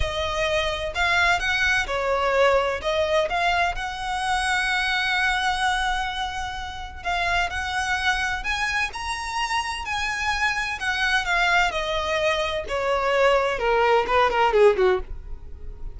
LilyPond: \new Staff \with { instrumentName = "violin" } { \time 4/4 \tempo 4 = 128 dis''2 f''4 fis''4 | cis''2 dis''4 f''4 | fis''1~ | fis''2. f''4 |
fis''2 gis''4 ais''4~ | ais''4 gis''2 fis''4 | f''4 dis''2 cis''4~ | cis''4 ais'4 b'8 ais'8 gis'8 fis'8 | }